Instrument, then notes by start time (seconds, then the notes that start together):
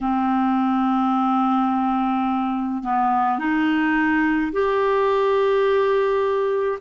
clarinet
0.01 C4
2.83 B3
3.38 D#4
4.52 G4